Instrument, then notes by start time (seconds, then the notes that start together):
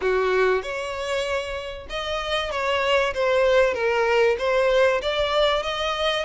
violin
0.01 F#4
0.62 C#5
1.89 D#5
2.51 C#5
3.14 C5
3.74 A#4
4.38 C5
5.01 D5
5.62 D#5